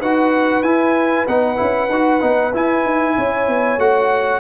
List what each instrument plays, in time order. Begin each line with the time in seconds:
0.00 tuba D#4, trombone F#4, horn B4, trumpet F#5
0.63 tuba E4, trombone E4, trumpet G#5
1.28 tuba B3, trombone D#4, trumpet F#5
1.57 tuba C#4, trombone E4
1.90 tuba D#4, trombone F#4
2.21 tuba B3, trombone D#4
2.54 tuba E4, trombone E4, trumpet G#5
2.85 tuba D#4
3.18 tuba C#4, horn C#5
3.48 tuba B3
3.78 tuba A3, trombone F#4, trumpet F#5